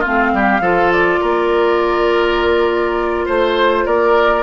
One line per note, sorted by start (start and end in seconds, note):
0.00 0.62 C4
0.00 0.29 F4
0.00 0.92 F5
0.07 0.34 A3
0.34 0.61 G3
0.34 0.62 G4
0.61 1.19 F3
0.61 4.43 F4
0.61 1.20 A4
0.92 3.28 D5
1.21 3.28 A#3
1.21 3.25 A#4
3.25 3.86 A3
3.25 3.84 C5
3.25 3.87 C5
3.86 4.43 A#3
3.86 4.43 A#4
3.86 4.43 D5